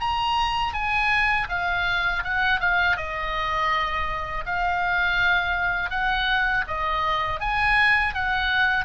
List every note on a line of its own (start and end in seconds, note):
0.00 0.73 A#5
0.73 1.47 G#5
1.49 2.23 F5
2.24 2.60 F#5
2.60 2.97 F5
2.97 4.45 D#5
4.46 5.90 F5
5.90 6.64 F#5
6.67 7.40 D#5
7.40 8.14 G#5
8.14 8.85 F#5